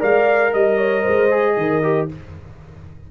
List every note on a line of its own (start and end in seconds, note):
0.00 0.54 G#3
0.00 1.29 A#4
0.00 0.52 D5
0.00 0.54 F5
0.54 1.06 G3
0.54 2.09 D#5
0.54 0.78 D#5
0.78 1.03 C#5
1.03 1.57 G#3
1.03 1.54 C5
1.31 1.83 G#4
1.57 2.09 D#3
1.57 2.11 A#4
1.83 2.09 G4